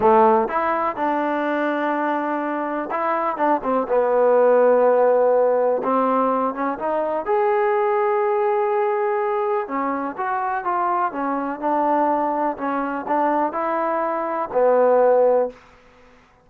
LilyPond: \new Staff \with { instrumentName = "trombone" } { \time 4/4 \tempo 4 = 124 a4 e'4 d'2~ | d'2 e'4 d'8 c'8 | b1 | c'4. cis'8 dis'4 gis'4~ |
gis'1 | cis'4 fis'4 f'4 cis'4 | d'2 cis'4 d'4 | e'2 b2 | }